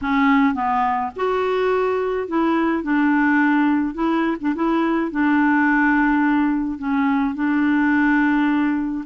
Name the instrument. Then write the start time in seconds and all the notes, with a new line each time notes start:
clarinet
0.01 C#4
0.54 B3
1.16 F#4
2.27 E4
2.83 D4
3.94 E4
4.40 D4
4.55 E4
5.11 D4
6.78 C#4
7.34 D4